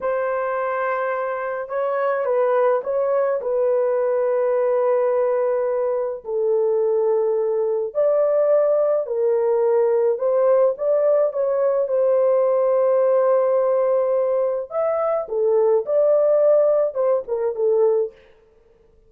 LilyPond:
\new Staff \with { instrumentName = "horn" } { \time 4/4 \tempo 4 = 106 c''2. cis''4 | b'4 cis''4 b'2~ | b'2. a'4~ | a'2 d''2 |
ais'2 c''4 d''4 | cis''4 c''2.~ | c''2 e''4 a'4 | d''2 c''8 ais'8 a'4 | }